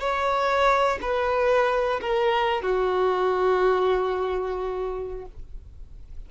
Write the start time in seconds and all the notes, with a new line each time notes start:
0.00 C#5
1.02 B4
2.01 A#4
2.62 F#4